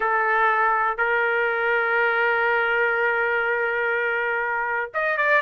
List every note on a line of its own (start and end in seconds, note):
0.00 0.97 A4
0.97 4.91 A#4
4.94 5.17 D#5
5.17 5.41 D5